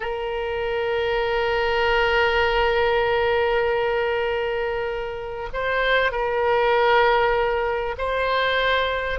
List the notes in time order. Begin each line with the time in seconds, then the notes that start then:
0.00 A#4
5.53 C5
6.11 A#4
7.98 C5